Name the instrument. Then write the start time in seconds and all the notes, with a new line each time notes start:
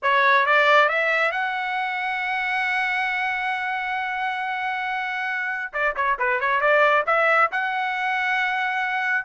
trumpet
0.02 C#5
0.46 D5
0.88 E5
1.31 F#5
5.73 D5
5.96 C#5
6.18 B4
6.40 C#5
6.60 D5
7.06 E5
7.51 F#5